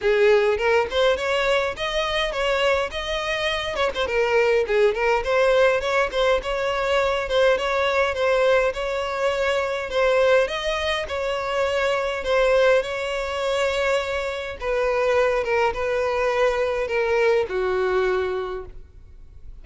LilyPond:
\new Staff \with { instrumentName = "violin" } { \time 4/4 \tempo 4 = 103 gis'4 ais'8 c''8 cis''4 dis''4 | cis''4 dis''4. cis''16 c''16 ais'4 | gis'8 ais'8 c''4 cis''8 c''8 cis''4~ | cis''8 c''8 cis''4 c''4 cis''4~ |
cis''4 c''4 dis''4 cis''4~ | cis''4 c''4 cis''2~ | cis''4 b'4. ais'8 b'4~ | b'4 ais'4 fis'2 | }